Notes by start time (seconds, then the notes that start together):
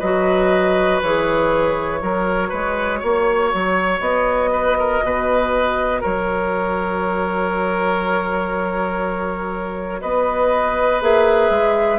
0.00 F#3 F#4 B4 D#5
1.02 E3 G#4 C#5
1.99 F#3 F#4 A#4
2.49 G#3 B4
3.00 A#3 C#5
3.54 F#3
4.01 B3 D#5
4.53 B4
4.80 A#4
5.03 B2 B4
6.01 F#3 A#4 C#5
10.02 B3 B4 D#5
11.02 A#3 G#4 E5
11.50 G#3